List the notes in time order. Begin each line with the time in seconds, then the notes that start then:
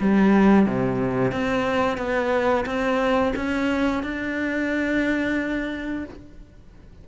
0.00 G3
0.66 C3
1.32 C4
1.98 B3
2.66 C4
3.36 C#4
4.03 D4